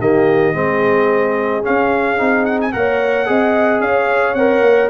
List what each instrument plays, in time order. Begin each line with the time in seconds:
0.00 tuba D#3, trombone A#3, horn G4, trumpet D#5
0.54 tuba G#3, trombone C4, horn G#4
1.63 trombone C#4, tuba C#4, trumpet F5
2.18 tuba C4, trombone D#4
2.46 trumpet F#5
2.61 trumpet G#5
2.73 tuba A#3, trombone A#4, horn C#5, trumpet F#5
3.26 tuba C4, trombone G#4, horn D#5
3.81 tuba C#4, horn C#5, trumpet F5
4.35 tuba C4, trombone A#4, trumpet F#5
4.61 tuba A#3